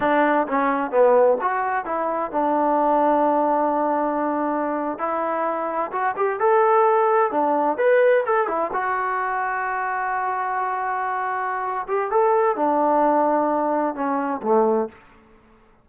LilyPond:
\new Staff \with { instrumentName = "trombone" } { \time 4/4 \tempo 4 = 129 d'4 cis'4 b4 fis'4 | e'4 d'2.~ | d'2~ d'8. e'4~ e'16~ | e'8. fis'8 g'8 a'2 d'16~ |
d'8. b'4 a'8 e'8 fis'4~ fis'16~ | fis'1~ | fis'4. g'8 a'4 d'4~ | d'2 cis'4 a4 | }